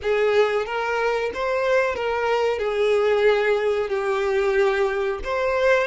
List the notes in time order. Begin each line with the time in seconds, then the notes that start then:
0.02 G#4
0.65 A#4
1.34 C5
1.95 A#4
2.58 G#4
3.89 G4
5.24 C5